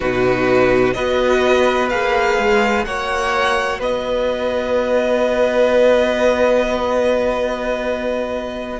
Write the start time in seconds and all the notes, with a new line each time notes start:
0.00 B2 D#4 F#4 B4
0.93 B3 F#4 B4 D#5
1.89 A#3 G#4 F5
2.37 G#3
2.84 A#3 F#4 C#5 F#5
3.79 B3 B4 D#5